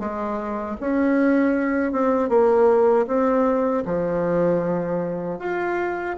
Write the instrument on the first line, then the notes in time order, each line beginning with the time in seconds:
bassoon
0.00 G#3
0.80 C#4
1.93 C4
2.29 A#3
3.07 C4
3.86 F3
5.39 F4